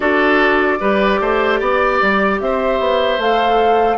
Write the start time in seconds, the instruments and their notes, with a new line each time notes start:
0.00 bassoon D4, clarinet F#4, oboe A4, flute D5
0.79 bassoon G3, clarinet G4, oboe B4
1.20 bassoon A3, oboe C5
1.60 bassoon B3, oboe D5
2.01 bassoon G3
2.40 bassoon C4, oboe C5, flute E5
2.79 bassoon B3
3.18 bassoon A3, clarinet A4, flute F5